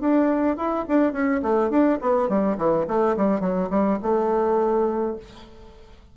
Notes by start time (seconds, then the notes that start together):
0.00 D4
0.57 E4
0.88 D4
1.12 C#4
1.42 A3
1.70 D4
2.01 B3
2.29 G3
2.57 E3
2.88 A3
3.17 G3
3.41 F#3
3.70 G3
4.02 A3